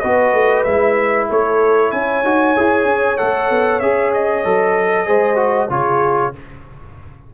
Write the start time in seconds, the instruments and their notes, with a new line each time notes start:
0.00 tuba B3, trombone F#4, horn B4, trumpet D#5
0.33 tuba A3
0.64 tuba G#3, trombone E4, trumpet E5
1.29 tuba A3, horn A4, trumpet C#5
1.91 tuba C#4, horn C#5, trumpet G#5
2.24 tuba D#4, trombone F#4
2.56 tuba E4, trombone G#4
2.85 tuba C#4
3.17 tuba A3, trombone A4, trumpet F#5
3.50 tuba B3
3.80 tuba C#4, trombone G#4, trumpet E5
4.13 trumpet D#5
4.44 tuba F#3, trombone A4
5.06 tuba G#3, trombone G#4, horn C5
5.36 trombone F#4
5.69 tuba C#3, trombone F4, horn G#4, trumpet C#5